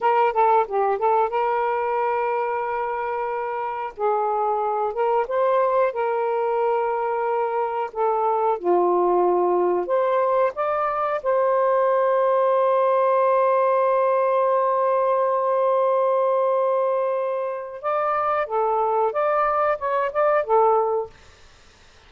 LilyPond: \new Staff \with { instrumentName = "saxophone" } { \time 4/4 \tempo 4 = 91 ais'8 a'8 g'8 a'8 ais'2~ | ais'2 gis'4. ais'8 | c''4 ais'2. | a'4 f'2 c''4 |
d''4 c''2.~ | c''1~ | c''2. d''4 | a'4 d''4 cis''8 d''8 a'4 | }